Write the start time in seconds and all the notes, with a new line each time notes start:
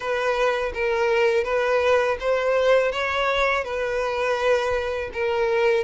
0.00 B4
0.74 A#4
1.43 B4
2.20 C5
2.92 C#5
3.64 B4
5.13 A#4